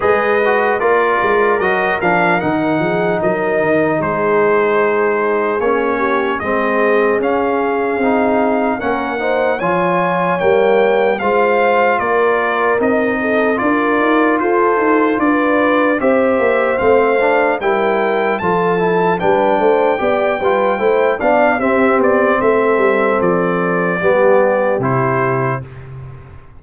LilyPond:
<<
  \new Staff \with { instrumentName = "trumpet" } { \time 4/4 \tempo 4 = 75 dis''4 d''4 dis''8 f''8 fis''4 | dis''4 c''2 cis''4 | dis''4 f''2 fis''4 | gis''4 g''4 f''4 d''4 |
dis''4 d''4 c''4 d''4 | e''4 f''4 g''4 a''4 | g''2~ g''8 f''8 e''8 d''8 | e''4 d''2 c''4 | }
  \new Staff \with { instrumentName = "horn" } { \time 4/4 b'4 ais'2~ ais'8 gis'8 | ais'4 gis'2~ gis'8 g'8 | gis'2. ais'8 c''8 | cis''2 c''4 ais'4~ |
ais'8 a'8 ais'4 a'4 b'4 | c''2 ais'4 a'4 | b'8 c''8 d''8 b'8 c''8 d''8 g'4 | a'2 g'2 | }
  \new Staff \with { instrumentName = "trombone" } { \time 4/4 gis'8 fis'8 f'4 fis'8 d'8 dis'4~ | dis'2. cis'4 | c'4 cis'4 dis'4 cis'8 dis'8 | f'4 ais4 f'2 |
dis'4 f'2. | g'4 c'8 d'8 e'4 f'8 e'8 | d'4 g'8 f'8 e'8 d'8 c'4~ | c'2 b4 e'4 | }
  \new Staff \with { instrumentName = "tuba" } { \time 4/4 gis4 ais8 gis8 fis8 f8 dis8 f8 | fis8 dis8 gis2 ais4 | gis4 cis'4 c'4 ais4 | f4 g4 gis4 ais4 |
c'4 d'8 dis'8 f'8 dis'8 d'4 | c'8 ais8 a4 g4 f4 | g8 a8 b8 g8 a8 b8 c'8 b8 | a8 g8 f4 g4 c4 | }
>>